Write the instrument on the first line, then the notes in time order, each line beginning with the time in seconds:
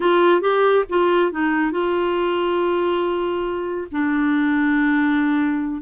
clarinet
0.00 F4
0.41 G4
0.89 F4
1.31 D#4
1.71 F4
3.91 D4